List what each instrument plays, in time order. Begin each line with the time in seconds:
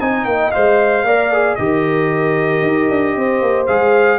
0.00 tuba C4, trombone D#4, horn D#5, trumpet G#5
0.24 tuba A#3, trumpet G5
0.51 tuba G#3, trombone C5, trumpet F5
1.04 tuba A#3, trombone A#4, horn D5
1.32 trombone G#4
1.55 tuba D#3, trombone G4, horn A#4, trumpet D#5
2.62 tuba D#4
2.89 tuba D4
3.16 tuba C4, horn C5
3.41 tuba A#3
3.66 tuba G#3, trombone G#4, trumpet F5